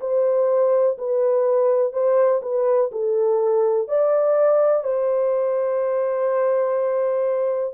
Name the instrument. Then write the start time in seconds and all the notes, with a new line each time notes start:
horn
0.00 C5
0.98 B4
1.93 C5
2.42 B4
2.91 A4
3.88 D5
4.83 C5